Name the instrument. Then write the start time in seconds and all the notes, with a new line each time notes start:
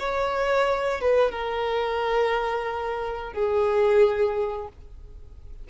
violin
0.00 C#5
1.01 B4
1.31 A#4
3.34 G#4